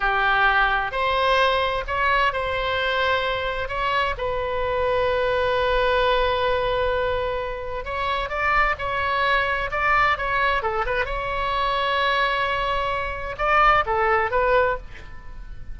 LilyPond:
\new Staff \with { instrumentName = "oboe" } { \time 4/4 \tempo 4 = 130 g'2 c''2 | cis''4 c''2. | cis''4 b'2.~ | b'1~ |
b'4 cis''4 d''4 cis''4~ | cis''4 d''4 cis''4 a'8 b'8 | cis''1~ | cis''4 d''4 a'4 b'4 | }